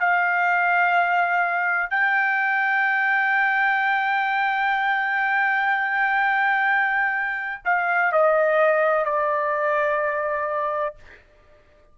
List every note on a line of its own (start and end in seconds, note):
0.00 1.90 F5
1.90 7.61 G5
7.65 8.12 F5
8.12 9.05 D#5
9.05 10.95 D5